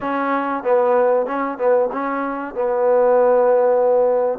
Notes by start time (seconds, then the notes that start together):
0.01 C#4
0.63 B3
1.26 C#4
1.58 B3
1.92 C#4
2.54 B3